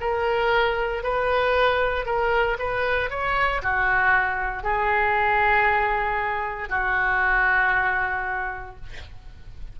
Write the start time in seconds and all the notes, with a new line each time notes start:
0.00 A#4
1.03 B4
2.05 A#4
2.59 B4
3.09 C#5
3.62 F#4
4.63 G#4
6.69 F#4